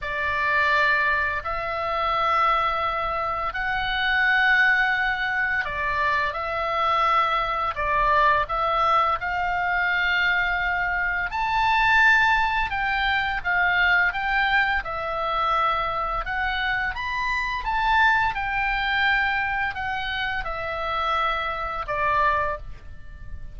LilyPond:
\new Staff \with { instrumentName = "oboe" } { \time 4/4 \tempo 4 = 85 d''2 e''2~ | e''4 fis''2. | d''4 e''2 d''4 | e''4 f''2. |
a''2 g''4 f''4 | g''4 e''2 fis''4 | b''4 a''4 g''2 | fis''4 e''2 d''4 | }